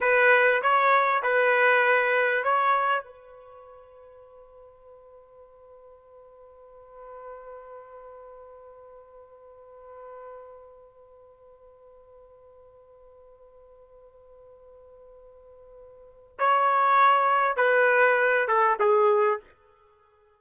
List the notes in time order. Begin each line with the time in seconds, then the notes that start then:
0.01 B4
0.61 C#5
1.22 B4
2.43 C#5
3.04 B4
16.38 C#5
17.56 B4
18.47 A4
18.79 G#4